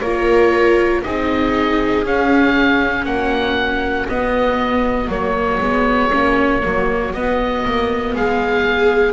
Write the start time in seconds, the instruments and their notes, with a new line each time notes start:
0.00 double bass A#3, viola F4 A#4, oboe C#5
1.03 double bass C4, viola D#4 G#4, oboe D#5
2.05 double bass C#4, viola C#4, oboe F5
3.06 double bass A#3, viola F#4, oboe F#5
4.09 double bass B3, viola B3, oboe D#5
5.08 double bass F#3, viola A#3, oboe C#5
5.60 double bass G#3, viola B3
6.11 double bass A#3, viola C#4
6.63 double bass F#3, viola A#3
7.14 double bass B3, viola B3, oboe D#5
7.65 double bass A#3
8.14 double bass G#3, viola G#4, oboe F5